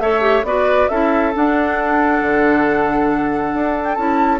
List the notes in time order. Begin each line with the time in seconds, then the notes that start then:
0.00 A3 A4 C#5 E5
0.21 G4
0.43 B3 F#4 B4 D5
0.89 C#4 E4 A4 E5
1.34 D4 F#5
2.22 D3
3.54 D4
3.84 G5
3.95 C#4 E4 A5